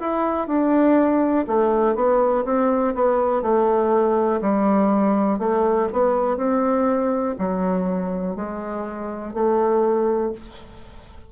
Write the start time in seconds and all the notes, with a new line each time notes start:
0.00 E4
0.48 D4
1.48 A3
1.95 B3
2.45 C4
2.95 B3
3.42 A3
4.42 G3
5.39 A3
5.93 B3
6.37 C4
7.39 F#3
8.36 G#3
9.34 A3